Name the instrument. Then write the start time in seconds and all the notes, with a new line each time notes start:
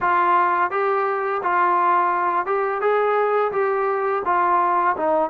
trombone
0.00 F4
0.71 G4
1.42 F4
2.45 G4
2.81 G#4
3.51 G4
4.25 F4
4.96 D#4